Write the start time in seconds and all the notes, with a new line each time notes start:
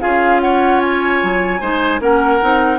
0.00 C#4 F4 G#4 F5
0.41 C#5 F#5
0.81 G#5
1.23 F#3
1.60 G#3 D#4 C5
2.00 A#3 C#4 A#4 F#5
2.41 C4 D#4